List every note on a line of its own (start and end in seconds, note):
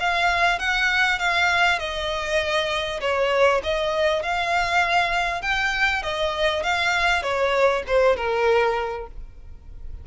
0.00 0.59 F5
0.59 1.19 F#5
1.19 1.79 F5
1.79 3.00 D#5
3.01 3.61 C#5
3.63 4.23 D#5
4.23 5.42 F5
5.42 6.02 G5
6.02 6.63 D#5
6.63 7.23 F5
7.23 7.83 C#5
7.87 8.16 C5
8.16 9.07 A#4